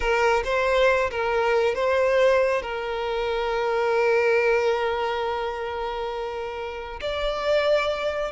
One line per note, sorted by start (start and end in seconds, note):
0.00 0.43 A#4
0.44 1.10 C5
1.10 1.74 A#4
1.74 2.62 C5
2.62 7.00 A#4
7.01 8.31 D5